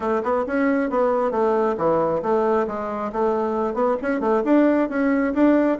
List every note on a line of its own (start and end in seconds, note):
0.00 0.22 A3
0.23 0.45 B3
0.46 0.90 C#4
0.90 1.31 B3
1.31 1.75 A3
1.77 2.21 E3
2.22 2.66 A3
2.67 3.11 G#3
3.12 3.74 A3
3.74 3.96 B3
4.02 4.20 C#4
4.20 4.42 A3
4.44 4.89 D4
4.89 5.33 C#4
5.34 5.78 D4